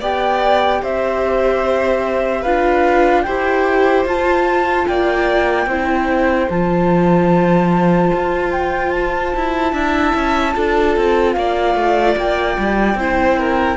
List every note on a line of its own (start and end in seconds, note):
0.00 0.82 B3
0.00 2.45 G4
0.00 0.81 D5
0.00 0.83 G5
0.81 2.45 C4
0.81 2.41 C5
0.81 2.43 E5
2.41 3.26 D4
2.41 3.26 F4
2.41 3.22 B4
2.41 3.22 F5
3.22 4.05 E4
3.22 4.07 G4
3.22 4.88 C5
3.22 4.04 G5
4.05 4.86 F4
4.05 5.69 F4
4.05 4.87 A5
4.87 5.66 A#3
4.87 5.69 D5
4.87 6.49 G5
5.66 6.47 C4
5.66 6.50 E4
5.66 9.73 C5
6.49 8.12 F3
6.49 9.74 F4
6.49 8.52 A5
8.13 9.35 F4
8.52 8.91 G5
8.91 11.33 A5
9.36 9.73 E4
9.73 10.13 D4
9.73 10.54 E4
9.73 10.54 E5
10.15 10.55 C#4
10.54 10.97 D4
10.54 12.97 F4
10.54 11.36 A4
10.97 11.36 C4
11.33 11.75 A#3
11.33 12.99 D5
11.33 12.14 F5
11.75 12.15 A3
12.17 12.57 A#3
12.17 13.77 G5
12.58 12.95 G3
12.95 13.76 C4
12.95 13.77 E4
12.95 13.39 C5
13.39 13.77 A#4